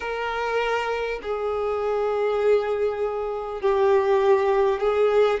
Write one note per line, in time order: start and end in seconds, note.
0.00 1.20 A#4
1.22 3.61 G#4
3.61 4.79 G4
4.79 5.39 G#4